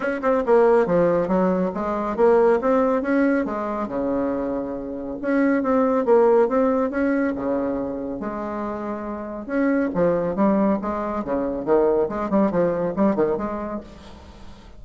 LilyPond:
\new Staff \with { instrumentName = "bassoon" } { \time 4/4 \tempo 4 = 139 cis'8 c'8 ais4 f4 fis4 | gis4 ais4 c'4 cis'4 | gis4 cis2. | cis'4 c'4 ais4 c'4 |
cis'4 cis2 gis4~ | gis2 cis'4 f4 | g4 gis4 cis4 dis4 | gis8 g8 f4 g8 dis8 gis4 | }